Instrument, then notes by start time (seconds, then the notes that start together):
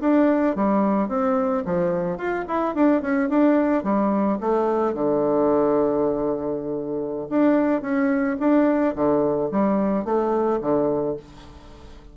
bassoon
0.00 D4
0.55 G3
1.08 C4
1.65 F3
2.17 F4
2.47 E4
2.74 D4
3.01 C#4
3.29 D4
3.83 G3
4.40 A3
4.94 D3
7.29 D4
7.81 C#4
8.39 D4
8.95 D3
9.51 G3
10.04 A3
10.61 D3